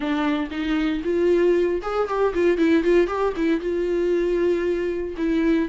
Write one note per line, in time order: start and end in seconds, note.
0.00 0.49 D4
0.50 1.02 D#4
1.04 1.81 F4
1.82 2.07 G#4
2.07 2.33 G4
2.33 2.57 F4
2.57 2.83 E4
2.83 3.07 F4
3.07 3.33 G4
3.36 3.60 E4
3.60 5.15 F4
5.17 5.68 E4